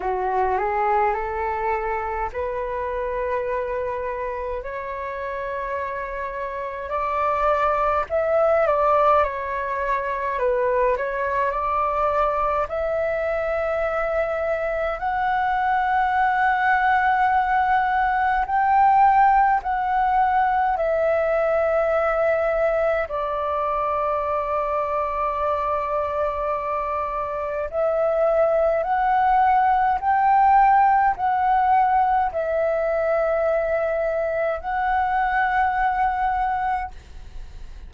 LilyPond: \new Staff \with { instrumentName = "flute" } { \time 4/4 \tempo 4 = 52 fis'8 gis'8 a'4 b'2 | cis''2 d''4 e''8 d''8 | cis''4 b'8 cis''8 d''4 e''4~ | e''4 fis''2. |
g''4 fis''4 e''2 | d''1 | e''4 fis''4 g''4 fis''4 | e''2 fis''2 | }